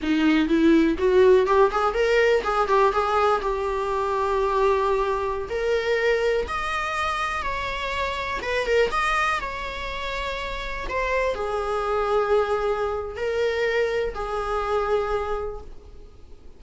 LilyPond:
\new Staff \with { instrumentName = "viola" } { \time 4/4 \tempo 4 = 123 dis'4 e'4 fis'4 g'8 gis'8 | ais'4 gis'8 g'8 gis'4 g'4~ | g'2.~ g'16 ais'8.~ | ais'4~ ais'16 dis''2 cis''8.~ |
cis''4~ cis''16 b'8 ais'8 dis''4 cis''8.~ | cis''2~ cis''16 c''4 gis'8.~ | gis'2. ais'4~ | ais'4 gis'2. | }